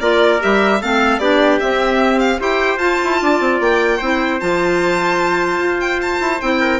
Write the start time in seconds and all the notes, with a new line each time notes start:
0.00 A#3 F4 A#4 D5
0.40 G3 G4 E5
0.81 A3 C4 A4 F5
1.18 B3 D4 G4 D5
1.59 C4 E5
2.19 F5
2.39 E4 G4 C5 G5
2.76 F4 A5
3.04 E4
3.21 D4 D5
3.40 C4
3.60 A#3 G5
3.97 C4 E4 C5
4.40 F3 F4 A5
5.58 F4
5.80 G5
6.01 A5
6.20 E4
6.41 C4 E4 G5
6.60 A#4